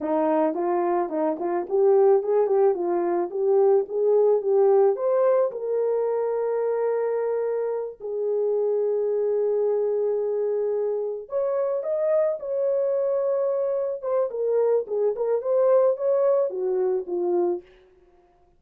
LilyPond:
\new Staff \with { instrumentName = "horn" } { \time 4/4 \tempo 4 = 109 dis'4 f'4 dis'8 f'8 g'4 | gis'8 g'8 f'4 g'4 gis'4 | g'4 c''4 ais'2~ | ais'2~ ais'8 gis'4.~ |
gis'1~ | gis'8 cis''4 dis''4 cis''4.~ | cis''4. c''8 ais'4 gis'8 ais'8 | c''4 cis''4 fis'4 f'4 | }